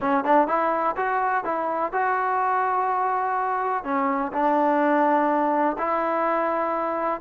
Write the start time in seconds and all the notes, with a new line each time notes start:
0.00 C#4
0.24 D4
0.47 E4
0.96 F#4
1.44 E4
1.92 F#4
3.84 C#4
4.32 D4
5.77 E4